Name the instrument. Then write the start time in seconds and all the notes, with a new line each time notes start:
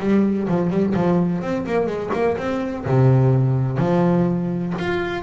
double bass
0.00 G3
0.48 F3
0.70 G3
0.94 F3
1.42 C4
1.67 A#3
1.87 G#3
2.14 A#3
2.38 C4
2.86 C3
3.78 F3
4.79 F4